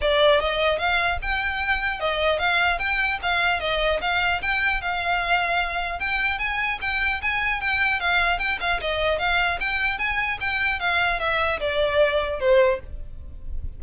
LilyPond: \new Staff \with { instrumentName = "violin" } { \time 4/4 \tempo 4 = 150 d''4 dis''4 f''4 g''4~ | g''4 dis''4 f''4 g''4 | f''4 dis''4 f''4 g''4 | f''2. g''4 |
gis''4 g''4 gis''4 g''4 | f''4 g''8 f''8 dis''4 f''4 | g''4 gis''4 g''4 f''4 | e''4 d''2 c''4 | }